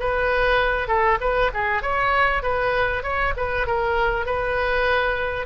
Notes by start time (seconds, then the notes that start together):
0.00 B4
0.88 A4
1.21 B4
1.54 G#4
1.82 C#5
2.43 B4
3.03 C#5
3.37 B4
3.67 A#4
4.26 B4